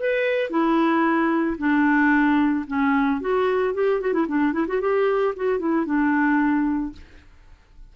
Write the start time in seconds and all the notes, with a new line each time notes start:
0.00 B4
0.50 E4
1.58 D4
2.68 C#4
3.21 F#4
3.74 G4
4.01 F#4
4.13 E4
4.28 D4
4.53 E4
4.68 F#4
4.81 G4
5.36 F#4
5.59 E4
5.86 D4